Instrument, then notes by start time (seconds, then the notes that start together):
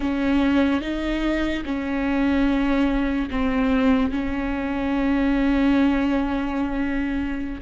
viola
0.00 C#4
0.81 D#4
1.65 C#4
3.30 C4
4.11 C#4